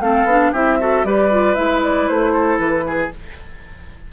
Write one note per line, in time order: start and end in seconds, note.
0.00 0.24 A3
0.00 0.28 C4
0.00 0.52 A4
0.00 0.52 F5
0.24 0.50 B3
0.24 0.54 D4
0.52 1.04 C4
0.52 0.80 E4
0.52 0.78 G4
0.52 1.05 E5
0.80 1.05 F#4
0.80 1.06 A4
1.04 1.56 G3
1.04 1.31 G4
1.04 2.33 B4
1.04 1.55 D5
1.31 1.56 F4
1.55 2.09 G#3
1.55 3.11 E4
1.55 1.80 E5
1.83 2.08 D5
2.08 2.58 A3
2.08 2.58 C5
2.33 2.84 A4
2.58 3.10 E3
2.58 3.10 B4
2.87 3.13 G#4